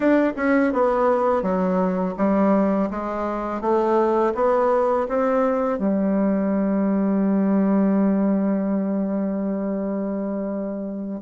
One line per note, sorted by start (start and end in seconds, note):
0.00 0.32 D4
0.36 0.72 C#4
0.72 1.42 B3
1.42 2.15 F#3
2.17 2.89 G3
2.90 3.61 G#3
3.61 4.33 A3
4.34 5.07 B3
5.08 5.78 C4
5.78 11.20 G3